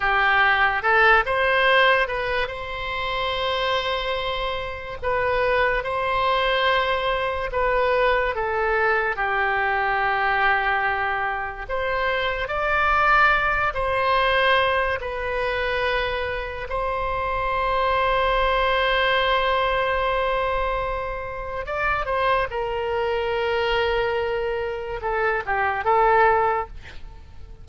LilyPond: \new Staff \with { instrumentName = "oboe" } { \time 4/4 \tempo 4 = 72 g'4 a'8 c''4 b'8 c''4~ | c''2 b'4 c''4~ | c''4 b'4 a'4 g'4~ | g'2 c''4 d''4~ |
d''8 c''4. b'2 | c''1~ | c''2 d''8 c''8 ais'4~ | ais'2 a'8 g'8 a'4 | }